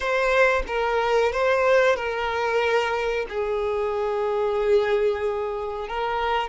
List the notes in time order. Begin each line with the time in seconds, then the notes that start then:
0.00 C5
0.67 A#4
1.32 C5
1.96 A#4
3.29 G#4
5.88 A#4